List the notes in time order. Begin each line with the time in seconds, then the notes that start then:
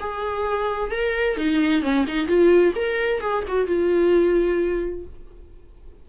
0.00 G#4
0.91 A#4
1.37 D#4
1.82 C#4
2.07 D#4
2.27 F4
2.76 A#4
3.21 G#4
3.48 F#4
3.67 F4